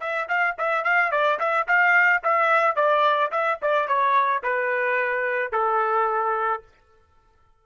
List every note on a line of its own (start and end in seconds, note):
0.00 0.28 E5
0.28 0.56 F5
0.58 0.84 E5
0.84 1.11 F5
1.11 1.39 D5
1.39 1.67 E5
1.67 2.22 F5
2.23 2.75 E5
2.75 3.31 D5
3.31 3.59 E5
3.62 3.87 D5
3.87 4.42 C#5
4.43 5.52 B4
5.52 6.62 A4